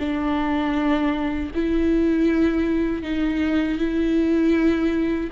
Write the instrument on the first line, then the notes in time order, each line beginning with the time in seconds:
viola
0.00 D4
1.55 E4
3.03 D#4
3.79 E4